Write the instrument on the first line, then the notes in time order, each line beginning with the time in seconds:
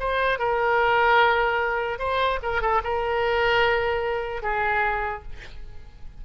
oboe
0.00 C5
0.39 A#4
1.99 C5
2.43 A#4
2.62 A4
2.84 A#4
4.43 G#4